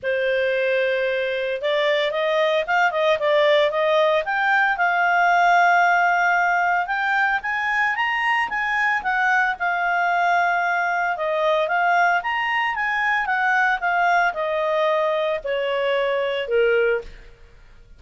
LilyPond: \new Staff \with { instrumentName = "clarinet" } { \time 4/4 \tempo 4 = 113 c''2. d''4 | dis''4 f''8 dis''8 d''4 dis''4 | g''4 f''2.~ | f''4 g''4 gis''4 ais''4 |
gis''4 fis''4 f''2~ | f''4 dis''4 f''4 ais''4 | gis''4 fis''4 f''4 dis''4~ | dis''4 cis''2 ais'4 | }